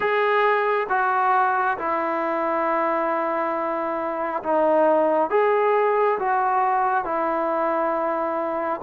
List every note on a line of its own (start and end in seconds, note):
0.00 0.87 G#4
0.89 1.77 F#4
1.78 4.42 E4
4.43 5.29 D#4
5.29 6.18 G#4
6.19 7.04 F#4
7.04 8.80 E4